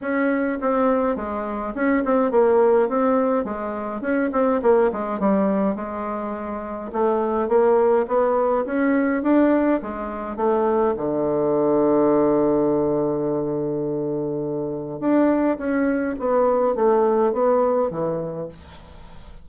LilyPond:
\new Staff \with { instrumentName = "bassoon" } { \time 4/4 \tempo 4 = 104 cis'4 c'4 gis4 cis'8 c'8 | ais4 c'4 gis4 cis'8 c'8 | ais8 gis8 g4 gis2 | a4 ais4 b4 cis'4 |
d'4 gis4 a4 d4~ | d1~ | d2 d'4 cis'4 | b4 a4 b4 e4 | }